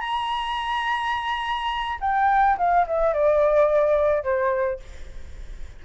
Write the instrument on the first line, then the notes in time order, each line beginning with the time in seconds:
flute
0.00 A#5
2.00 G5
2.58 F5
2.87 E5
3.13 D5
4.23 C5